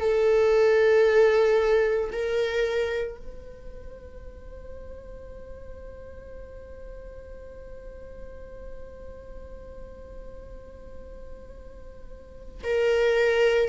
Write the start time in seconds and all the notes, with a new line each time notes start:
0.00 A4
2.12 A#4
3.18 C5
12.64 A#4